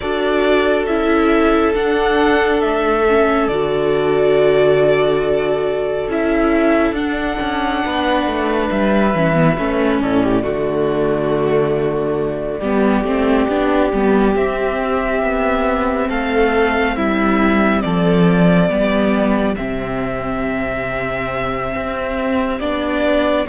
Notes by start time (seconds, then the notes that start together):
0.00 D4 F#4 A4 D5
0.86 C#4 E4 E5
1.74 D4 F#5
2.61 A3 E5
3.07 C#4
3.47 D3 F#4 D5
6.07 C#4 E4 E5
6.91 D4 F#5
7.40 C#4
7.85 B3 B4
8.26 A3
8.70 G3 E5
9.14 E3 C#4
9.34 B3
9.57 A3 C#4
10.01 A2 A4 D5
10.23 G4
10.42 D3 A3 F#4
12.59 G3 B3 G4
13.03 A3 C4
13.48 B3 D4
13.93 G3 B3
14.35 C4 E5
15.22 B3
16.08 A3 A4 F5
16.96 G3 E4 E5
17.81 F3 A4 D5
18.69 G3 B3 G4
19.56 C3 C4 E5
21.75 C4
22.60 B3 D4 D5